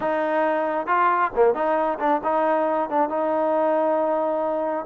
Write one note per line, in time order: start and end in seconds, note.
0.00 0.86 D#4
0.86 1.31 F4
1.35 1.54 A#3
1.54 1.98 D#4
1.99 2.21 D4
2.23 2.89 D#4
2.89 3.09 D4
3.09 4.85 D#4